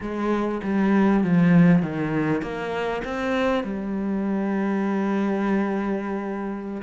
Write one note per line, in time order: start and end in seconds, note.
0.00 0.61 G#3
0.63 1.23 G3
1.23 1.82 F3
1.82 2.41 D#3
2.41 3.02 A#3
3.04 3.63 C4
3.63 6.82 G3